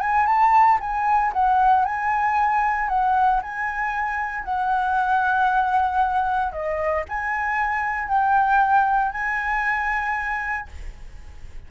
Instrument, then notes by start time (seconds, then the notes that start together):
flute
0.00 G#5
0.26 A5
0.80 G#5
1.33 F#5
1.85 G#5
2.88 F#5
3.42 G#5
4.44 F#5
6.52 D#5
7.08 G#5
8.08 G5
9.12 G#5